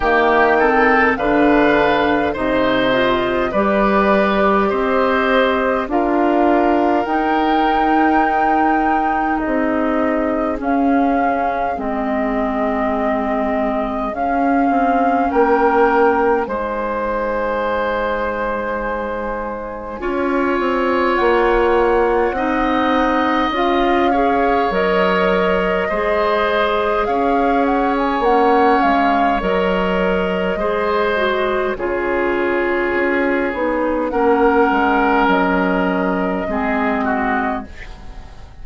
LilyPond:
<<
  \new Staff \with { instrumentName = "flute" } { \time 4/4 \tempo 4 = 51 g''4 f''4 dis''4 d''4 | dis''4 f''4 g''2 | dis''4 f''4 dis''2 | f''4 g''4 gis''2~ |
gis''2 fis''2 | f''4 dis''2 f''8 fis''16 gis''16 | fis''8 f''8 dis''2 cis''4~ | cis''4 fis''4 dis''2 | }
  \new Staff \with { instrumentName = "oboe" } { \time 4/4 g'8 a'8 b'4 c''4 b'4 | c''4 ais'2. | gis'1~ | gis'4 ais'4 c''2~ |
c''4 cis''2 dis''4~ | dis''8 cis''4. c''4 cis''4~ | cis''2 c''4 gis'4~ | gis'4 ais'2 gis'8 fis'8 | }
  \new Staff \with { instrumentName = "clarinet" } { \time 4/4 ais8 c'8 d'4 dis'8 f'8 g'4~ | g'4 f'4 dis'2~ | dis'4 cis'4 c'2 | cis'2 dis'2~ |
dis'4 f'2 dis'4 | f'8 gis'8 ais'4 gis'2 | cis'4 ais'4 gis'8 fis'8 f'4~ | f'8 dis'8 cis'2 c'4 | }
  \new Staff \with { instrumentName = "bassoon" } { \time 4/4 dis4 d4 c4 g4 | c'4 d'4 dis'2 | c'4 cis'4 gis2 | cis'8 c'8 ais4 gis2~ |
gis4 cis'8 c'8 ais4 c'4 | cis'4 fis4 gis4 cis'4 | ais8 gis8 fis4 gis4 cis4 | cis'8 b8 ais8 gis8 fis4 gis4 | }
>>